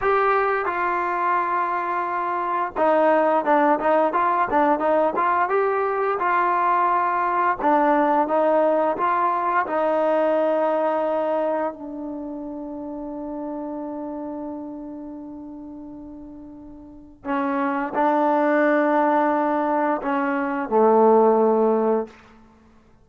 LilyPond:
\new Staff \with { instrumentName = "trombone" } { \time 4/4 \tempo 4 = 87 g'4 f'2. | dis'4 d'8 dis'8 f'8 d'8 dis'8 f'8 | g'4 f'2 d'4 | dis'4 f'4 dis'2~ |
dis'4 d'2.~ | d'1~ | d'4 cis'4 d'2~ | d'4 cis'4 a2 | }